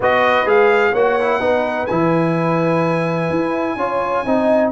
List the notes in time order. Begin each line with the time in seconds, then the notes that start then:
0.00 B3 F#4 B4 D#5
0.45 G#3 G#4 F5
0.91 A#3 F#4 C#5 F#5
1.20 E4
1.40 B3 D#4 B4
1.86 E3 E4 G#5
3.30 E4
3.76 C#4 F4 C#5
4.25 C4 D#4 D#5